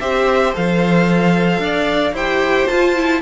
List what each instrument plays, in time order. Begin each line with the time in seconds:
0.00 cello C4, viola G4, violin C5 E5
0.53 cello F3, viola A4, violin F5
1.59 cello D4, violin D5
2.12 cello E4, viola G4, violin C5 G5
2.67 viola F4, cello F4, violin A5
2.95 viola E4